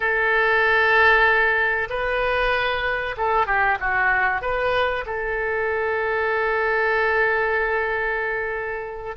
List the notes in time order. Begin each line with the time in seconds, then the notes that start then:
0.00 A4
1.89 B4
3.17 A4
3.46 G4
3.80 F#4
4.41 B4
5.06 A4